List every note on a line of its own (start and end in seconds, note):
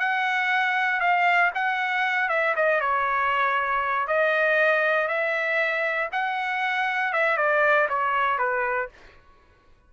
0.00 1.01 F#5
1.01 1.51 F5
1.55 2.30 F#5
2.30 2.55 E5
2.56 2.81 D#5
2.81 4.08 C#5
4.08 5.08 D#5
5.08 6.10 E5
6.12 7.13 F#5
7.13 7.38 E5
7.38 7.88 D5
7.89 8.39 C#5
8.39 8.90 B4